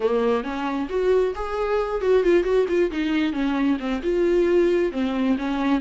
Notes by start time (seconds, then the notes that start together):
0.00 A#3
0.43 C#4
0.89 F#4
1.35 G#4
2.01 F#4
2.23 F4
2.43 F#4
2.68 F4
2.91 D#4
3.32 C#4
3.79 C4
4.02 F4
4.92 C4
5.37 C#4